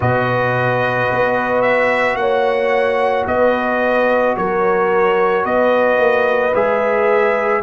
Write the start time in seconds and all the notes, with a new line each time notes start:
0.00 B2 F#4 B4 D#5
1.11 B3
1.61 E5
2.15 A#3 C#5 F#5
3.26 B3 B4 D#5
4.36 F#3 A#4 C#5
5.44 B3 B4 D#5
5.98 A#3
6.54 G#3 G#4 E5